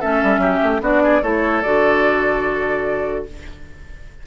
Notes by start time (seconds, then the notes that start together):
0.00 A3 C#4 A4 E5
0.23 G3
0.38 F#3 G4
0.63 A3
0.81 B3 D4 F#4 D5
1.03 G#4
1.22 A3 E4 A4 C#5
1.62 D3 F#4 D5